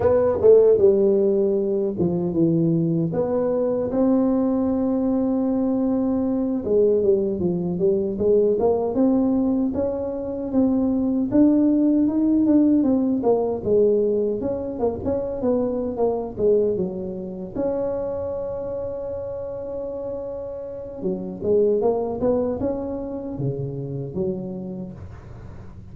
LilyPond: \new Staff \with { instrumentName = "tuba" } { \time 4/4 \tempo 4 = 77 b8 a8 g4. f8 e4 | b4 c'2.~ | c'8 gis8 g8 f8 g8 gis8 ais8 c'8~ | c'8 cis'4 c'4 d'4 dis'8 |
d'8 c'8 ais8 gis4 cis'8 ais16 cis'8 b16~ | b8 ais8 gis8 fis4 cis'4.~ | cis'2. fis8 gis8 | ais8 b8 cis'4 cis4 fis4 | }